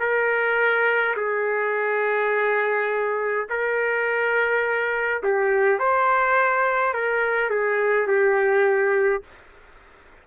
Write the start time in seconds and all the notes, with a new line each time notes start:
0.00 A#4
1.16 G#4
3.49 A#4
5.23 G4
5.79 C5
6.93 A#4
7.50 G#4
8.07 G4